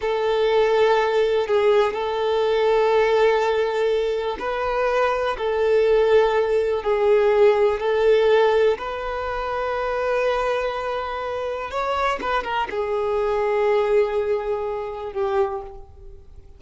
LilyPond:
\new Staff \with { instrumentName = "violin" } { \time 4/4 \tempo 4 = 123 a'2. gis'4 | a'1~ | a'4 b'2 a'4~ | a'2 gis'2 |
a'2 b'2~ | b'1 | cis''4 b'8 ais'8 gis'2~ | gis'2. g'4 | }